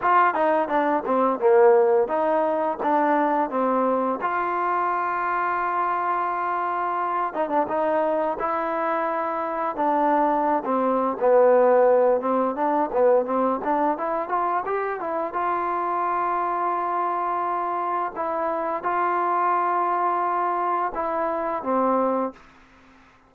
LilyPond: \new Staff \with { instrumentName = "trombone" } { \time 4/4 \tempo 4 = 86 f'8 dis'8 d'8 c'8 ais4 dis'4 | d'4 c'4 f'2~ | f'2~ f'8 dis'16 d'16 dis'4 | e'2 d'4~ d'16 c'8. |
b4. c'8 d'8 b8 c'8 d'8 | e'8 f'8 g'8 e'8 f'2~ | f'2 e'4 f'4~ | f'2 e'4 c'4 | }